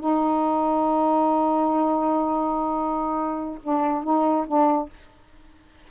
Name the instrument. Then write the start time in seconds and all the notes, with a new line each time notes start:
saxophone
0.00 D#4
3.64 D4
4.04 D#4
4.47 D4